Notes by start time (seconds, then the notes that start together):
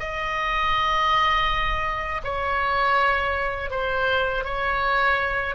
0.00 D#5
2.25 C#5
3.71 C5
4.45 C#5